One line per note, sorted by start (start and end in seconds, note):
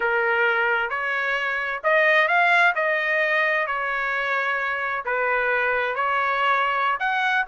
0.00 0.89 A#4
0.89 1.81 C#5
1.83 2.28 D#5
2.28 2.73 F5
2.75 3.66 D#5
3.66 5.04 C#5
5.05 5.95 B4
5.95 6.98 C#5
6.99 7.45 F#5